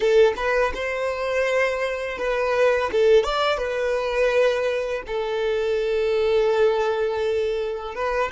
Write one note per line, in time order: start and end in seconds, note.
0.00 0.33 A4
0.36 0.72 B4
0.74 2.18 C5
2.18 2.90 B4
2.91 3.23 A4
3.23 3.58 D5
3.58 5.02 B4
5.06 7.95 A4
7.95 8.31 B4